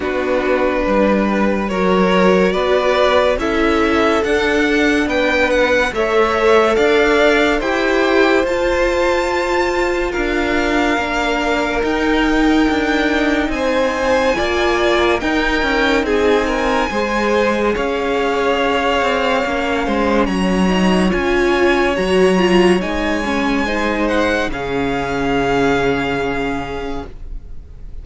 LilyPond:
<<
  \new Staff \with { instrumentName = "violin" } { \time 4/4 \tempo 4 = 71 b'2 cis''4 d''4 | e''4 fis''4 g''8 fis''8 e''4 | f''4 g''4 a''2 | f''2 g''2 |
gis''2 g''4 gis''4~ | gis''4 f''2. | ais''4 gis''4 ais''4 gis''4~ | gis''8 fis''8 f''2. | }
  \new Staff \with { instrumentName = "violin" } { \time 4/4 fis'4 b'4 ais'4 b'4 | a'2 b'4 cis''4 | d''4 c''2. | ais'1 |
c''4 d''4 ais'4 gis'8 ais'8 | c''4 cis''2~ cis''8 c''8 | cis''1 | c''4 gis'2. | }
  \new Staff \with { instrumentName = "viola" } { \time 4/4 d'2 fis'2 | e'4 d'2 a'4~ | a'4 g'4 f'2~ | f'4 d'4 dis'2~ |
dis'4 f'4 dis'2 | gis'2. cis'4~ | cis'8 dis'8 f'4 fis'8 f'8 dis'8 cis'8 | dis'4 cis'2. | }
  \new Staff \with { instrumentName = "cello" } { \time 4/4 b4 g4 fis4 b4 | cis'4 d'4 b4 a4 | d'4 e'4 f'2 | d'4 ais4 dis'4 d'4 |
c'4 ais4 dis'8 cis'8 c'4 | gis4 cis'4. c'8 ais8 gis8 | fis4 cis'4 fis4 gis4~ | gis4 cis2. | }
>>